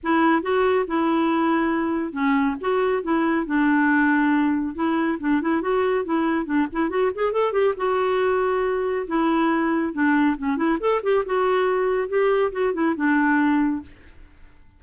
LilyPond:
\new Staff \with { instrumentName = "clarinet" } { \time 4/4 \tempo 4 = 139 e'4 fis'4 e'2~ | e'4 cis'4 fis'4 e'4 | d'2. e'4 | d'8 e'8 fis'4 e'4 d'8 e'8 |
fis'8 gis'8 a'8 g'8 fis'2~ | fis'4 e'2 d'4 | cis'8 e'8 a'8 g'8 fis'2 | g'4 fis'8 e'8 d'2 | }